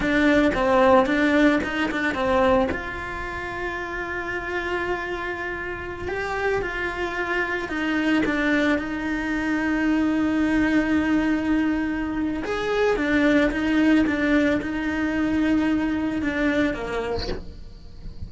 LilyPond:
\new Staff \with { instrumentName = "cello" } { \time 4/4 \tempo 4 = 111 d'4 c'4 d'4 dis'8 d'8 | c'4 f'2.~ | f'2.~ f'16 g'8.~ | g'16 f'2 dis'4 d'8.~ |
d'16 dis'2.~ dis'8.~ | dis'2. gis'4 | d'4 dis'4 d'4 dis'4~ | dis'2 d'4 ais4 | }